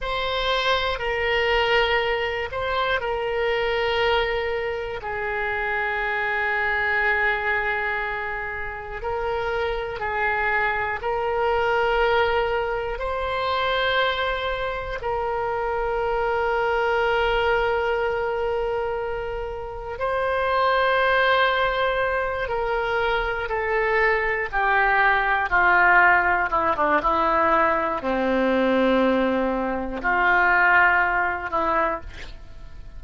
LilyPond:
\new Staff \with { instrumentName = "oboe" } { \time 4/4 \tempo 4 = 60 c''4 ais'4. c''8 ais'4~ | ais'4 gis'2.~ | gis'4 ais'4 gis'4 ais'4~ | ais'4 c''2 ais'4~ |
ais'1 | c''2~ c''8 ais'4 a'8~ | a'8 g'4 f'4 e'16 d'16 e'4 | c'2 f'4. e'8 | }